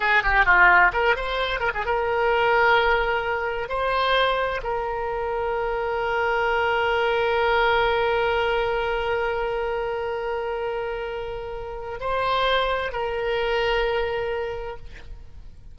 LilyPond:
\new Staff \with { instrumentName = "oboe" } { \time 4/4 \tempo 4 = 130 gis'8 g'8 f'4 ais'8 c''4 ais'16 gis'16 | ais'1 | c''2 ais'2~ | ais'1~ |
ais'1~ | ais'1~ | ais'2 c''2 | ais'1 | }